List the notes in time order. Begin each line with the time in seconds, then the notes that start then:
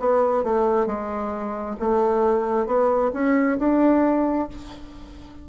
0.00 B3
0.44 A3
0.87 G#3
1.80 A3
2.67 B3
3.13 C#4
3.59 D4